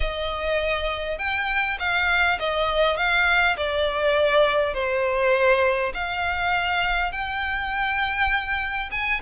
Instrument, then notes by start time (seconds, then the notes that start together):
violin
0.00 D#5
1.18 G5
1.79 F5
2.39 D#5
2.96 F5
3.56 D5
4.74 C5
5.94 F5
7.12 G5
8.91 G#5